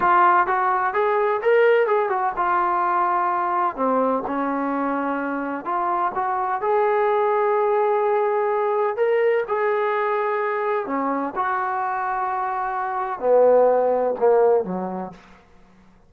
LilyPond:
\new Staff \with { instrumentName = "trombone" } { \time 4/4 \tempo 4 = 127 f'4 fis'4 gis'4 ais'4 | gis'8 fis'8 f'2. | c'4 cis'2. | f'4 fis'4 gis'2~ |
gis'2. ais'4 | gis'2. cis'4 | fis'1 | b2 ais4 fis4 | }